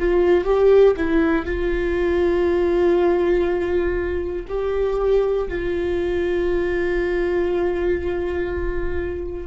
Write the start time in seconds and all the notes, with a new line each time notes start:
0.00 F4
0.45 G4
0.97 E4
1.46 F4
4.49 G4
5.49 F4